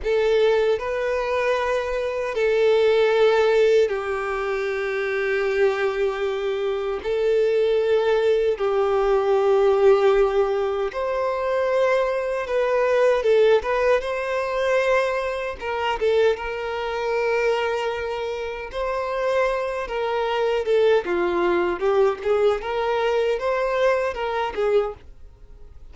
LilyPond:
\new Staff \with { instrumentName = "violin" } { \time 4/4 \tempo 4 = 77 a'4 b'2 a'4~ | a'4 g'2.~ | g'4 a'2 g'4~ | g'2 c''2 |
b'4 a'8 b'8 c''2 | ais'8 a'8 ais'2. | c''4. ais'4 a'8 f'4 | g'8 gis'8 ais'4 c''4 ais'8 gis'8 | }